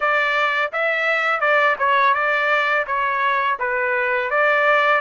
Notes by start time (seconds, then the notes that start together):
0.00 D5
0.72 E5
1.40 D5
1.79 C#5
2.14 D5
2.86 C#5
3.59 B4
4.30 D5